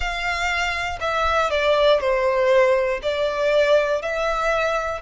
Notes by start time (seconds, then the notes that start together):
0.00 F5
1.00 E5
1.50 D5
2.00 C5
3.02 D5
4.01 E5